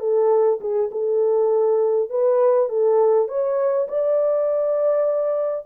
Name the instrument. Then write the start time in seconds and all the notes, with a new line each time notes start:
horn
0.00 A4
0.60 G#4
0.92 A4
2.10 B4
2.69 A4
3.28 C#5
3.89 D5